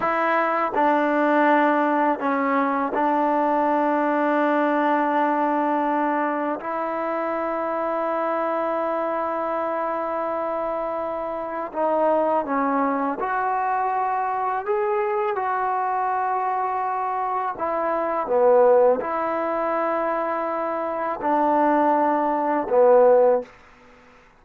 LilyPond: \new Staff \with { instrumentName = "trombone" } { \time 4/4 \tempo 4 = 82 e'4 d'2 cis'4 | d'1~ | d'4 e'2.~ | e'1 |
dis'4 cis'4 fis'2 | gis'4 fis'2. | e'4 b4 e'2~ | e'4 d'2 b4 | }